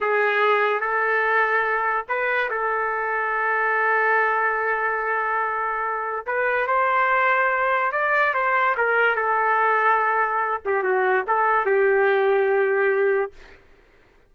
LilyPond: \new Staff \with { instrumentName = "trumpet" } { \time 4/4 \tempo 4 = 144 gis'2 a'2~ | a'4 b'4 a'2~ | a'1~ | a'2. b'4 |
c''2. d''4 | c''4 ais'4 a'2~ | a'4. g'8 fis'4 a'4 | g'1 | }